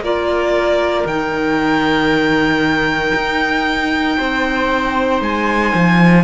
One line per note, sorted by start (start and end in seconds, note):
0.00 1.03 A#3
0.00 1.06 F4
0.00 4.18 A#4
0.00 1.07 D5
1.05 3.12 D#3
1.05 6.24 D#4
1.05 5.21 G5
3.14 4.18 D#4
4.18 5.21 C4
4.18 6.24 C5
5.21 5.72 G#3
5.21 6.24 G#5
5.74 6.24 F3